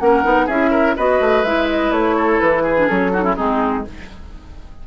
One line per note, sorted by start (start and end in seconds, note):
0.00 0.25 A#3
0.00 0.24 C#4
0.00 0.46 A#4
0.00 0.48 F#5
0.24 0.48 B3
0.24 0.48 D#4
0.46 0.96 C#4
0.46 0.97 E4
0.46 0.70 G#4
0.46 0.96 E5
0.71 0.95 A#4
0.97 1.21 B3
0.97 1.45 F#4
0.97 2.17 B4
0.97 1.45 D#5
1.21 1.44 A3
1.44 1.91 G#3
1.44 2.77 E4
1.44 1.69 E5
1.70 1.92 D#5
1.91 2.39 A3
1.91 2.40 C#5
2.17 2.63 A4
2.40 2.90 E3
2.40 2.88 B4
2.63 3.11 G#4
2.77 2.88 D4
2.88 3.38 F#3
2.88 3.12 C#4
2.88 3.36 A4
3.13 3.23 D#4
3.13 3.24 F#4
3.23 3.35 C#4
3.23 3.36 E4
3.36 3.87 G#3
3.36 3.85 C4
3.36 3.84 D#4
3.36 3.85 G#4